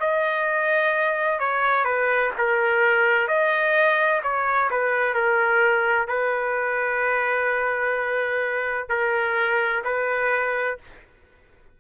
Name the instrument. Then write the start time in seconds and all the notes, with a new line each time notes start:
trumpet
0.00 D#5
1.39 C#5
1.85 B4
2.38 A#4
3.28 D#5
4.23 C#5
4.70 B4
5.14 A#4
6.08 B4
8.89 A#4
9.84 B4